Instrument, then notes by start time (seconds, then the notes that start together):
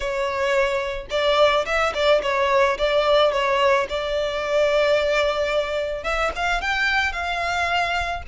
violin
0.00 C#5
1.10 D5
1.65 E5
1.94 D5
2.22 C#5
2.78 D5
3.32 C#5
3.89 D5
6.03 E5
6.35 F5
6.61 G5
7.12 F5